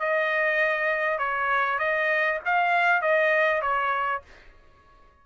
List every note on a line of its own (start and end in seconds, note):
0.00 1.19 D#5
1.19 1.79 C#5
1.79 2.40 D#5
2.46 3.02 F5
3.02 3.62 D#5
3.62 4.23 C#5